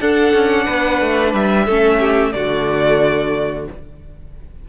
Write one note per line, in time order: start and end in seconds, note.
0.00 0.33 D4
0.00 1.67 D4
0.00 0.65 A4
0.00 1.33 F#5
0.33 0.67 C#4
0.65 1.01 B3
0.65 1.64 B4
1.01 1.34 A3
1.34 1.67 G3
1.34 2.32 E5
1.64 2.34 A3
1.64 2.34 C#4
1.64 1.98 A4
1.99 2.33 G4
2.32 3.67 D3
2.32 3.67 A3
2.32 3.69 F#4
2.32 3.66 D5